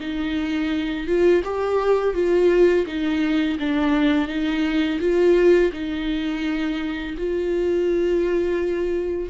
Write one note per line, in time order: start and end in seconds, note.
0.00 1.07 D#4
1.07 1.43 F4
1.44 2.14 G4
2.14 2.85 F4
2.86 3.57 D#4
3.59 4.28 D4
4.28 4.99 D#4
5.00 5.71 F4
5.72 7.15 D#4
7.17 9.30 F4